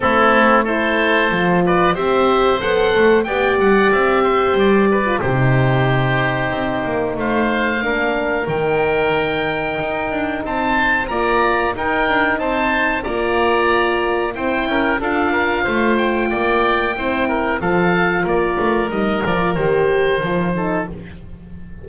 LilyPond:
<<
  \new Staff \with { instrumentName = "oboe" } { \time 4/4 \tempo 4 = 92 a'4 c''4. d''8 e''4 | fis''4 g''8 fis''8 e''4 d''4 | c''2. f''4~ | f''4 g''2. |
a''4 ais''4 g''4 a''4 | ais''2 g''4 f''4~ | f''8 g''2~ g''8 f''4 | d''4 dis''8 d''8 c''2 | }
  \new Staff \with { instrumentName = "oboe" } { \time 4/4 e'4 a'4. b'8 c''4~ | c''4 d''4. c''4 b'8 | g'2. c''4 | ais'1 |
c''4 d''4 ais'4 c''4 | d''2 c''8 ais'8 a'8 ais'8 | c''4 d''4 c''8 ais'8 a'4 | ais'2.~ ais'8 a'8 | }
  \new Staff \with { instrumentName = "horn" } { \time 4/4 c'4 e'4 f'4 g'4 | a'4 g'2~ g'8. f'16 | dis'1 | d'4 dis'2.~ |
dis'4 f'4 dis'2 | f'2 e'4 f'4~ | f'2 e'4 f'4~ | f'4 dis'8 f'8 g'4 f'8 dis'8 | }
  \new Staff \with { instrumentName = "double bass" } { \time 4/4 a2 f4 c'4 | b8 a8 b8 g8 c'4 g4 | c2 c'8 ais8 a4 | ais4 dis2 dis'8 d'8 |
c'4 ais4 dis'8 d'8 c'4 | ais2 c'8 cis'8 d'4 | a4 ais4 c'4 f4 | ais8 a8 g8 f8 dis4 f4 | }
>>